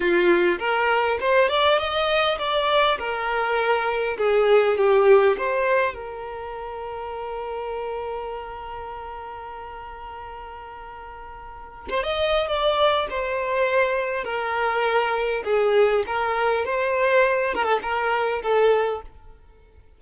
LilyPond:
\new Staff \with { instrumentName = "violin" } { \time 4/4 \tempo 4 = 101 f'4 ais'4 c''8 d''8 dis''4 | d''4 ais'2 gis'4 | g'4 c''4 ais'2~ | ais'1~ |
ais'1 | c''16 dis''8. d''4 c''2 | ais'2 gis'4 ais'4 | c''4. ais'16 a'16 ais'4 a'4 | }